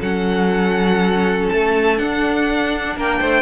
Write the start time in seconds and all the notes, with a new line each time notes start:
0.00 F#3 C#4 A4 F#5
1.49 A3 A5
1.98 D4 F#5
2.97 A#3 A#4 G5
3.20 A3 C5